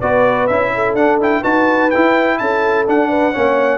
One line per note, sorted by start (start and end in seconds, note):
0.00 0.50 B3
0.00 0.50 F#4
0.00 0.71 B4
0.00 0.48 D5
0.48 0.94 C#4
0.48 0.98 E4
0.48 0.95 E5
0.75 1.41 A4
0.94 1.42 D4
0.94 1.21 D4
0.94 1.20 F#5
1.21 1.44 E4
1.21 1.44 G5
1.41 1.92 D#4
1.41 1.91 F#4
1.41 2.37 B4
1.41 1.91 A5
1.91 2.87 E4
1.91 2.41 E4
1.91 2.38 G5
2.39 2.88 C#4
2.39 3.10 A4
2.39 2.86 A5
2.87 3.33 D4
2.87 3.37 D4
2.87 3.78 F#5
3.10 3.33 B4
3.33 3.78 A#3
3.33 3.78 C#4
3.33 3.78 C#5